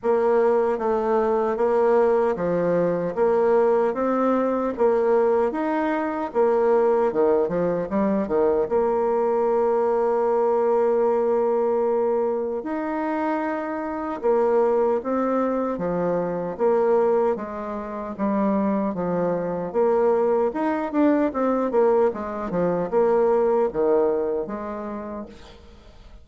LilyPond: \new Staff \with { instrumentName = "bassoon" } { \time 4/4 \tempo 4 = 76 ais4 a4 ais4 f4 | ais4 c'4 ais4 dis'4 | ais4 dis8 f8 g8 dis8 ais4~ | ais1 |
dis'2 ais4 c'4 | f4 ais4 gis4 g4 | f4 ais4 dis'8 d'8 c'8 ais8 | gis8 f8 ais4 dis4 gis4 | }